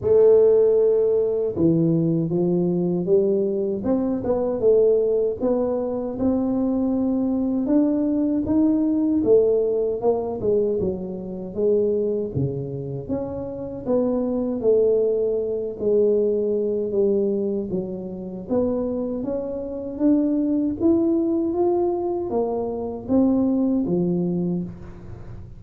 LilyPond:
\new Staff \with { instrumentName = "tuba" } { \time 4/4 \tempo 4 = 78 a2 e4 f4 | g4 c'8 b8 a4 b4 | c'2 d'4 dis'4 | a4 ais8 gis8 fis4 gis4 |
cis4 cis'4 b4 a4~ | a8 gis4. g4 fis4 | b4 cis'4 d'4 e'4 | f'4 ais4 c'4 f4 | }